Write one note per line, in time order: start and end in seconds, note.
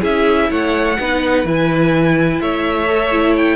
0.00 0.50 C#4
0.00 0.95 E4
0.00 0.48 G#4
0.00 0.52 E5
0.50 0.98 A3
0.50 0.98 C#5
0.50 1.47 F#5
0.99 1.44 B3
0.99 1.45 D#4
0.99 2.41 B4
1.44 2.40 E3
1.44 2.87 E4
1.44 2.40 G#5
2.40 3.56 A3
2.40 3.56 C#5
2.40 3.36 E5
2.87 3.11 A4
3.11 3.56 E4
3.37 3.56 G5